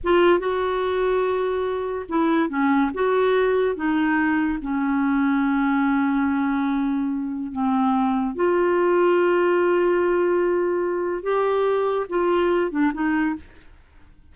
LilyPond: \new Staff \with { instrumentName = "clarinet" } { \time 4/4 \tempo 4 = 144 f'4 fis'2.~ | fis'4 e'4 cis'4 fis'4~ | fis'4 dis'2 cis'4~ | cis'1~ |
cis'2 c'2 | f'1~ | f'2. g'4~ | g'4 f'4. d'8 dis'4 | }